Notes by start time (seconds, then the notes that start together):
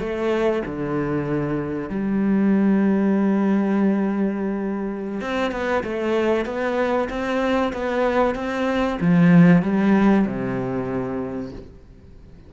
0.00 A3
0.66 D3
1.90 G3
5.21 C4
5.52 B3
5.84 A3
6.46 B3
7.10 C4
7.73 B3
8.35 C4
9.01 F3
9.63 G3
10.27 C3